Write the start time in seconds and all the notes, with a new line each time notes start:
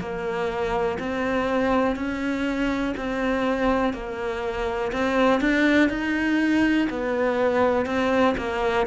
0.00 A#3
0.99 C4
1.96 C#4
2.97 C4
3.93 A#3
4.92 C4
5.41 D4
5.90 D#4
6.90 B3
7.86 C4
8.37 A#3